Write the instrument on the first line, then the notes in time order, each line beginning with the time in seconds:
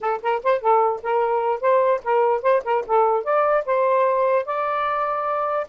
saxophone
0.00 A4
0.22 A#4
0.43 C5
0.61 A4
1.02 A#4
1.60 C5
2.03 A#4
2.42 C5
2.64 A#4
2.86 A4
3.23 D5
3.65 C5
4.45 D5